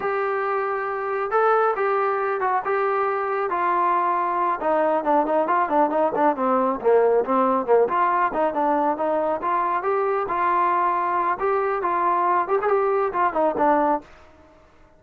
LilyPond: \new Staff \with { instrumentName = "trombone" } { \time 4/4 \tempo 4 = 137 g'2. a'4 | g'4. fis'8 g'2 | f'2~ f'8 dis'4 d'8 | dis'8 f'8 d'8 dis'8 d'8 c'4 ais8~ |
ais8 c'4 ais8 f'4 dis'8 d'8~ | d'8 dis'4 f'4 g'4 f'8~ | f'2 g'4 f'4~ | f'8 g'16 gis'16 g'4 f'8 dis'8 d'4 | }